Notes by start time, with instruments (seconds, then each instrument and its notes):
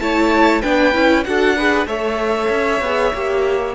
0.00 cello A3, viola E4, violin C#5 A5
0.62 cello B3, viola D4, violin B4 G5
0.93 cello C#4, viola E4
1.24 cello D4, viola F#4, violin A4 F#5
1.57 viola G#4, violin B4
1.87 cello A3, viola A4, violin C#5 E5
2.50 cello C#4
2.81 cello B3, viola G#4
3.14 cello A#3, viola G4